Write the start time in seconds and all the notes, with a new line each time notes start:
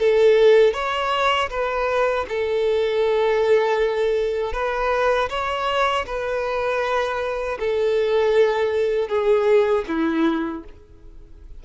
0.00 A4
0.74 C#5
1.51 B4
2.29 A4
4.53 B4
5.30 C#5
6.07 B4
7.60 A4
9.09 G#4
9.88 E4